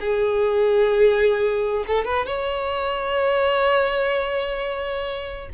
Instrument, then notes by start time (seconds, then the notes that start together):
violin
0.00 G#4
1.87 A4
2.05 B4
2.26 C#5